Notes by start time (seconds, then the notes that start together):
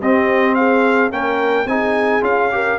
0.00 C4 G4 D#5
0.54 G#4 F5
1.11 A#3 C#4 A#4 G5
1.65 C4 D#4 G#4 G#5
2.21 C#4 F4 F5
2.51 G4 A#4